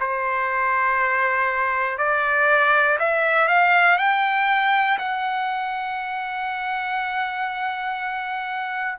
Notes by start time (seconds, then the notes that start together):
0.00 C5
1.98 D5
3.00 E5
3.49 F5
3.98 G5
4.99 F#5